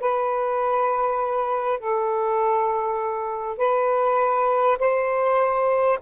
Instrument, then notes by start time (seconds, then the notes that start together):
saxophone
0.00 B4
1.79 A4
3.58 B4
4.79 C5